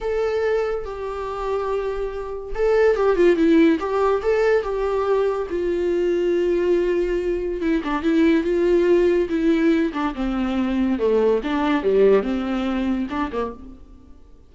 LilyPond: \new Staff \with { instrumentName = "viola" } { \time 4/4 \tempo 4 = 142 a'2 g'2~ | g'2 a'4 g'8 f'8 | e'4 g'4 a'4 g'4~ | g'4 f'2.~ |
f'2 e'8 d'8 e'4 | f'2 e'4. d'8 | c'2 a4 d'4 | g4 c'2 d'8 ais8 | }